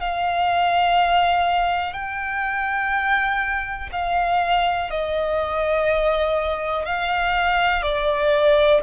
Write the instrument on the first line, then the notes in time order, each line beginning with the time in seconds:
violin
0.00 F5
1.93 G5
3.92 F5
4.90 D#5
6.85 F5
7.82 D5